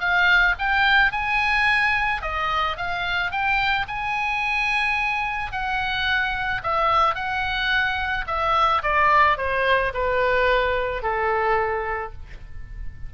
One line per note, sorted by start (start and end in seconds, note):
0.00 0.55 F5
0.59 1.12 G5
1.12 2.22 G#5
2.22 2.77 D#5
2.77 3.31 F5
3.31 3.86 G5
3.88 5.52 G#5
5.52 6.62 F#5
6.63 7.15 E5
7.15 8.25 F#5
8.27 8.82 E5
8.83 9.38 D5
9.38 9.93 C5
9.94 11.03 B4
11.03 12.13 A4